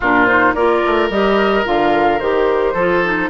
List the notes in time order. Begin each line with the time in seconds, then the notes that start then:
0.00 A#2 D4 F4 A#4
0.25 D#4 C5
0.54 A#3 F4 A#4 D5
0.85 A3
1.09 G3 G4 D#5
1.64 D3 F4 F5
2.19 D#3 G4 C5
2.73 F3 F4 A4
3.04 D#4